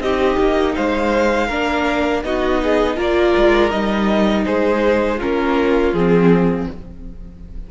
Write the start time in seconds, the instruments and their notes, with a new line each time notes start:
0.00 cello C4, viola D#4, violin G4 D#5
0.40 cello A#3
0.76 cello G#3, violin C5 F5
1.48 cello A#3, viola D4, violin A#4
2.24 cello B3, viola D#4, violin F#4 D#5
2.63 violin G#4
2.97 cello A#3, viola F4, violin A#4 D5
3.37 cello G#3
3.71 cello G3, viola D#4, violin D#5
4.45 cello G#3, violin G#4 C5
5.17 viola C#4, violin F4 A#4
5.24 cello A#3
5.93 cello F3, viola C4, violin G#4